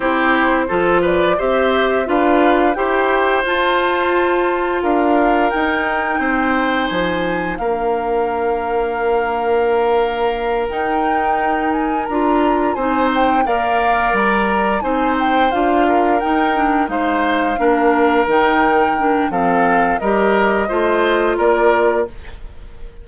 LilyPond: <<
  \new Staff \with { instrumentName = "flute" } { \time 4/4 \tempo 4 = 87 c''4. d''8 e''4 f''4 | g''4 a''2 f''4 | g''2 gis''4 f''4~ | f''2.~ f''8 g''8~ |
g''4 gis''8 ais''4 gis''8 g''8 f''8~ | f''8 ais''4 gis''8 g''8 f''4 g''8~ | g''8 f''2 g''4. | f''4 dis''2 d''4 | }
  \new Staff \with { instrumentName = "oboe" } { \time 4/4 g'4 a'8 b'8 c''4 b'4 | c''2. ais'4~ | ais'4 c''2 ais'4~ | ais'1~ |
ais'2~ ais'8 c''4 d''8~ | d''4. c''4. ais'4~ | ais'8 c''4 ais'2~ ais'8 | a'4 ais'4 c''4 ais'4 | }
  \new Staff \with { instrumentName = "clarinet" } { \time 4/4 e'4 f'4 g'4 f'4 | g'4 f'2. | dis'2. d'4~ | d'2.~ d'8 dis'8~ |
dis'4. f'4 dis'4 ais'8~ | ais'4. dis'4 f'4 dis'8 | d'8 dis'4 d'4 dis'4 d'8 | c'4 g'4 f'2 | }
  \new Staff \with { instrumentName = "bassoon" } { \time 4/4 c'4 f4 c'4 d'4 | e'4 f'2 d'4 | dis'4 c'4 f4 ais4~ | ais2.~ ais8 dis'8~ |
dis'4. d'4 c'4 ais8~ | ais8 g4 c'4 d'4 dis'8~ | dis'8 gis4 ais4 dis4. | f4 g4 a4 ais4 | }
>>